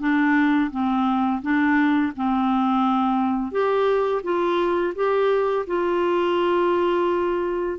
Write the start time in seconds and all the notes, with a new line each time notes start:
0.00 D4
0.71 C4
1.42 D4
2.16 C4
3.52 G4
4.23 F4
4.95 G4
5.67 F4